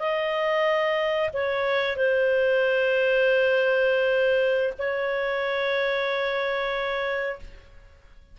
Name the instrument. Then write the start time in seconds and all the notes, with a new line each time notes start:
clarinet
0.00 D#5
1.34 C#5
1.97 C5
4.79 C#5